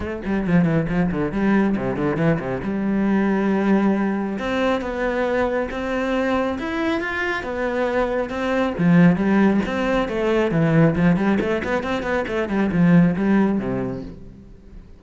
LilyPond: \new Staff \with { instrumentName = "cello" } { \time 4/4 \tempo 4 = 137 a8 g8 f8 e8 f8 d8 g4 | c8 d8 e8 c8 g2~ | g2 c'4 b4~ | b4 c'2 e'4 |
f'4 b2 c'4 | f4 g4 c'4 a4 | e4 f8 g8 a8 b8 c'8 b8 | a8 g8 f4 g4 c4 | }